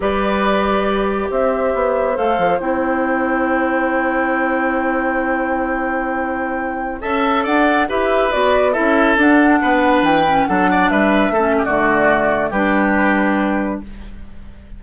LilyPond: <<
  \new Staff \with { instrumentName = "flute" } { \time 4/4 \tempo 4 = 139 d''2. e''4~ | e''4 f''4 g''2~ | g''1~ | g''1~ |
g''16 a''4 fis''4 e''4 d''8.~ | d''16 e''4 fis''2 g''8.~ | g''16 fis''4 e''4.~ e''16 d''4~ | d''4 b'2. | }
  \new Staff \with { instrumentName = "oboe" } { \time 4/4 b'2. c''4~ | c''1~ | c''1~ | c''1~ |
c''16 e''4 d''4 b'4.~ b'16~ | b'16 a'2 b'4.~ b'16~ | b'16 a'8 d''8 b'4 a'8 g'16 fis'4~ | fis'4 g'2. | }
  \new Staff \with { instrumentName = "clarinet" } { \time 4/4 g'1~ | g'4 a'4 e'2~ | e'1~ | e'1~ |
e'16 a'2 g'4 fis'8.~ | fis'16 e'4 d'2~ d'8 cis'16~ | cis'16 d'2 cis'8. a4~ | a4 d'2. | }
  \new Staff \with { instrumentName = "bassoon" } { \time 4/4 g2. c'4 | b4 a8 f8 c'2~ | c'1~ | c'1~ |
c'16 cis'4 d'4 e'4 b8.~ | b16 cis'4 d'4 b4 e8.~ | e16 fis4 g4 a8. d4~ | d4 g2. | }
>>